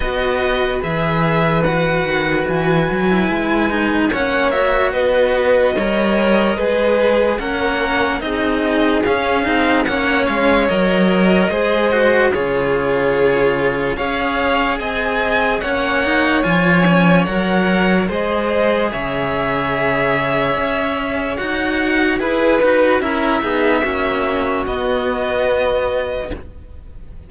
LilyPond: <<
  \new Staff \with { instrumentName = "violin" } { \time 4/4 \tempo 4 = 73 dis''4 e''4 fis''4 gis''4~ | gis''4 fis''8 e''8 dis''2~ | dis''4 fis''4 dis''4 f''4 | fis''8 f''8 dis''2 cis''4~ |
cis''4 f''4 gis''4 fis''4 | gis''4 fis''4 dis''4 e''4~ | e''2 fis''4 b'4 | e''2 dis''2 | }
  \new Staff \with { instrumentName = "violin" } { \time 4/4 b'1~ | b'4 cis''4 b'4 cis''4 | b'4 ais'4 gis'2 | cis''2 c''4 gis'4~ |
gis'4 cis''4 dis''4 cis''4~ | cis''2 c''4 cis''4~ | cis''2. b'4 | ais'8 gis'8 fis'2. | }
  \new Staff \with { instrumentName = "cello" } { \time 4/4 fis'4 gis'4 fis'4.~ fis'16 e'16~ | e'8 dis'8 cis'8 fis'4. ais'4 | gis'4 cis'4 dis'4 cis'8 dis'8 | cis'4 ais'4 gis'8 fis'8 f'4~ |
f'4 gis'2 cis'8 dis'8 | f'8 cis'8 ais'4 gis'2~ | gis'2 fis'4 gis'8 fis'8 | e'8 dis'8 cis'4 b2 | }
  \new Staff \with { instrumentName = "cello" } { \time 4/4 b4 e4. dis8 e8 fis8 | gis4 ais4 b4 g4 | gis4 ais4 c'4 cis'8 c'8 | ais8 gis8 fis4 gis4 cis4~ |
cis4 cis'4 c'4 ais4 | f4 fis4 gis4 cis4~ | cis4 cis'4 dis'4 e'8 dis'8 | cis'8 b8 ais4 b2 | }
>>